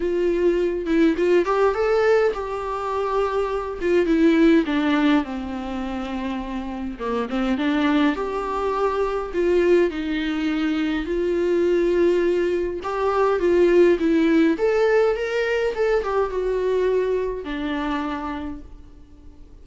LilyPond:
\new Staff \with { instrumentName = "viola" } { \time 4/4 \tempo 4 = 103 f'4. e'8 f'8 g'8 a'4 | g'2~ g'8 f'8 e'4 | d'4 c'2. | ais8 c'8 d'4 g'2 |
f'4 dis'2 f'4~ | f'2 g'4 f'4 | e'4 a'4 ais'4 a'8 g'8 | fis'2 d'2 | }